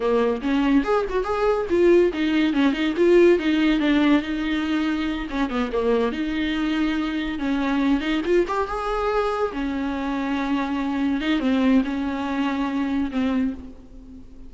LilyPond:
\new Staff \with { instrumentName = "viola" } { \time 4/4 \tempo 4 = 142 ais4 cis'4 gis'8 fis'8 gis'4 | f'4 dis'4 cis'8 dis'8 f'4 | dis'4 d'4 dis'2~ | dis'8 cis'8 b8 ais4 dis'4.~ |
dis'4. cis'4. dis'8 f'8 | g'8 gis'2 cis'4.~ | cis'2~ cis'8 dis'8 c'4 | cis'2. c'4 | }